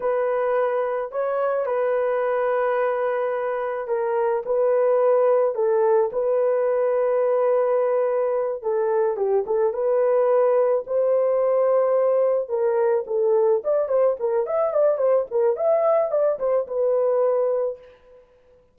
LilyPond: \new Staff \with { instrumentName = "horn" } { \time 4/4 \tempo 4 = 108 b'2 cis''4 b'4~ | b'2. ais'4 | b'2 a'4 b'4~ | b'2.~ b'8 a'8~ |
a'8 g'8 a'8 b'2 c''8~ | c''2~ c''8 ais'4 a'8~ | a'8 d''8 c''8 ais'8 e''8 d''8 c''8 ais'8 | e''4 d''8 c''8 b'2 | }